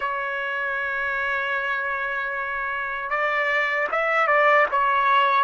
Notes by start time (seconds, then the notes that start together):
0.00 C#5
3.10 D5
3.91 E5
4.27 D5
4.71 C#5